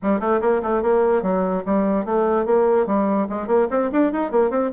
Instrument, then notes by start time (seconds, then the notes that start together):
bassoon
0.02 G3
0.19 A3
0.41 A#3
0.62 A3
0.82 A#3
1.22 F#3
1.65 G3
2.05 A3
2.45 A#3
2.86 G3
3.29 G#3
3.47 A#3
3.70 C4
3.92 D4
4.12 D#4
4.31 A#3
4.50 C4